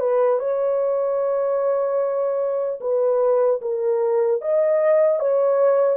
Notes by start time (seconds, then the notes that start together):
0.00 B4
0.40 C#5
2.81 B4
3.61 A#4
4.42 D#5
5.20 C#5